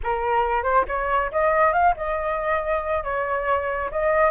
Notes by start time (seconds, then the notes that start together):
0.03 A#4
0.63 C5
0.88 C#5
1.31 D#5
1.72 F5
1.96 D#5
3.03 C#5
3.91 D#5